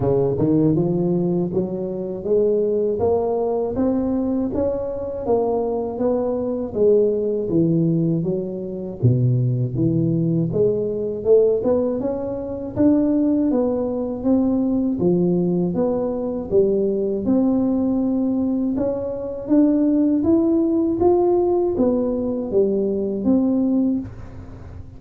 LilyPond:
\new Staff \with { instrumentName = "tuba" } { \time 4/4 \tempo 4 = 80 cis8 dis8 f4 fis4 gis4 | ais4 c'4 cis'4 ais4 | b4 gis4 e4 fis4 | b,4 e4 gis4 a8 b8 |
cis'4 d'4 b4 c'4 | f4 b4 g4 c'4~ | c'4 cis'4 d'4 e'4 | f'4 b4 g4 c'4 | }